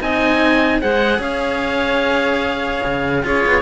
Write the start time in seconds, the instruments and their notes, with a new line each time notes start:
0.00 cello C4 D#4, clarinet D#5, oboe G#5
0.80 cello G#3 G#4, clarinet C5, oboe F#5
1.19 cello C#4, clarinet C#5, oboe F5
2.85 cello C#3
3.23 cello C#4 F4, clarinet G#4, oboe C#5
3.46 cello B3